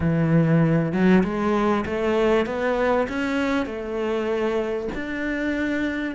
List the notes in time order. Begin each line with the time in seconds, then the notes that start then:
0.00 E3
0.92 F#3
1.23 G#3
1.85 A3
2.46 B3
3.08 C#4
3.65 A3
4.94 D4